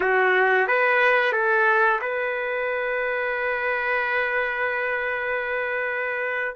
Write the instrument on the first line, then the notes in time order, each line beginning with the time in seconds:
trumpet
0.00 F#4
0.67 B4
1.32 A4
2.01 B4